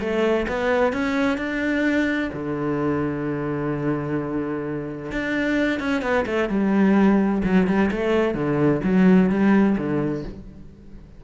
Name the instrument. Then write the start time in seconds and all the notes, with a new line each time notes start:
cello
0.00 A3
0.48 B3
0.93 C#4
1.37 D4
2.33 D3
5.11 D4
5.79 C#4
6.02 B3
6.26 A3
6.49 G3
7.44 F#3
7.67 G3
7.91 A3
8.34 D3
8.84 F#3
9.30 G3
9.78 D3